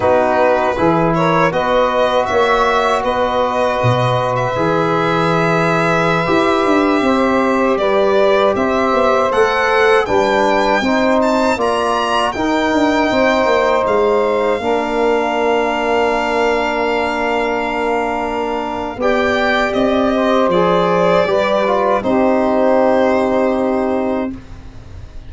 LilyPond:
<<
  \new Staff \with { instrumentName = "violin" } { \time 4/4 \tempo 4 = 79 b'4. cis''8 dis''4 e''4 | dis''4.~ dis''16 e''2~ e''16~ | e''2~ e''16 d''4 e''8.~ | e''16 fis''4 g''4. a''8 ais''8.~ |
ais''16 g''2 f''4.~ f''16~ | f''1~ | f''4 g''4 dis''4 d''4~ | d''4 c''2. | }
  \new Staff \with { instrumentName = "saxophone" } { \time 4/4 fis'4 gis'8 ais'8 b'4 cis''4 | b'1~ | b'4~ b'16 c''4 b'4 c''8.~ | c''4~ c''16 b'4 c''4 d''8.~ |
d''16 ais'4 c''2 ais'8.~ | ais'1~ | ais'4 d''4. c''4. | b'4 g'2. | }
  \new Staff \with { instrumentName = "trombone" } { \time 4/4 dis'4 e'4 fis'2~ | fis'2 gis'2~ | gis'16 g'2.~ g'8.~ | g'16 a'4 d'4 dis'4 f'8.~ |
f'16 dis'2. d'8.~ | d'1~ | d'4 g'2 gis'4 | g'8 f'8 dis'2. | }
  \new Staff \with { instrumentName = "tuba" } { \time 4/4 b4 e4 b4 ais4 | b4 b,4 e2~ | e16 e'8 d'8 c'4 g4 c'8 b16~ | b16 a4 g4 c'4 ais8.~ |
ais16 dis'8 d'8 c'8 ais8 gis4 ais8.~ | ais1~ | ais4 b4 c'4 f4 | g4 c'2. | }
>>